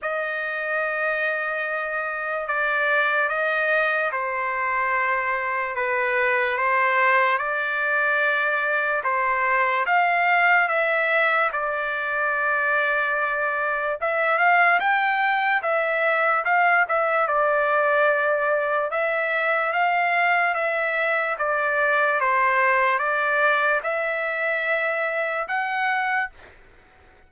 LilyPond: \new Staff \with { instrumentName = "trumpet" } { \time 4/4 \tempo 4 = 73 dis''2. d''4 | dis''4 c''2 b'4 | c''4 d''2 c''4 | f''4 e''4 d''2~ |
d''4 e''8 f''8 g''4 e''4 | f''8 e''8 d''2 e''4 | f''4 e''4 d''4 c''4 | d''4 e''2 fis''4 | }